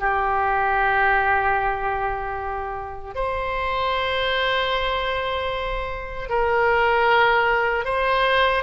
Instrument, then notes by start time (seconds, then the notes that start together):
oboe
0.00 G4
3.15 C5
6.29 A#4
7.85 C5